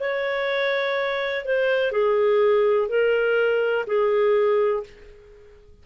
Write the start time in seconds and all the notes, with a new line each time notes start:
0.00 C#5
1.45 C5
1.92 G#4
2.89 A#4
3.87 G#4